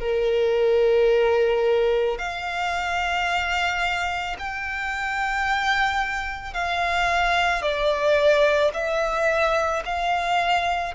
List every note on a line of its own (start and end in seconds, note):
0.00 2.18 A#4
2.18 4.36 F5
4.39 6.54 G5
6.54 7.62 F5
7.62 8.71 D5
8.74 9.83 E5
9.85 10.94 F5